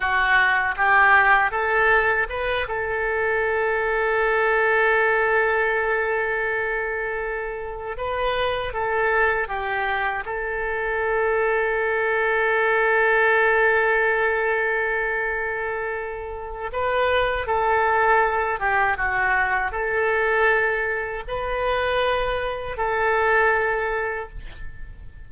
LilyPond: \new Staff \with { instrumentName = "oboe" } { \time 4/4 \tempo 4 = 79 fis'4 g'4 a'4 b'8 a'8~ | a'1~ | a'2~ a'8 b'4 a'8~ | a'8 g'4 a'2~ a'8~ |
a'1~ | a'2 b'4 a'4~ | a'8 g'8 fis'4 a'2 | b'2 a'2 | }